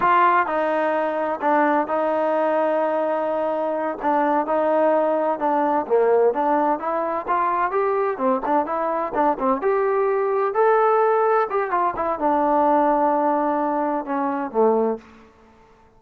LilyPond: \new Staff \with { instrumentName = "trombone" } { \time 4/4 \tempo 4 = 128 f'4 dis'2 d'4 | dis'1~ | dis'8 d'4 dis'2 d'8~ | d'8 ais4 d'4 e'4 f'8~ |
f'8 g'4 c'8 d'8 e'4 d'8 | c'8 g'2 a'4.~ | a'8 g'8 f'8 e'8 d'2~ | d'2 cis'4 a4 | }